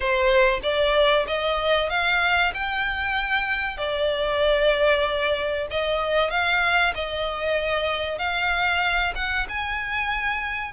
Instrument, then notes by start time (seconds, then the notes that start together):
violin
0.00 C5
0.62 D5
1.27 D#5
1.89 F5
2.53 G5
3.77 D5
5.70 D#5
6.30 F5
6.94 D#5
8.18 F5
9.15 F#5
9.49 G#5